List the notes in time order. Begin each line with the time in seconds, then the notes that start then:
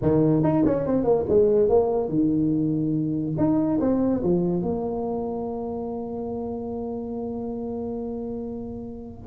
0.01 D#3
0.43 D#4
0.65 C#4
0.86 C4
1.04 A#3
1.28 G#3
1.68 A#3
2.09 D#3
3.37 D#4
3.80 C4
4.22 F3
4.62 A#3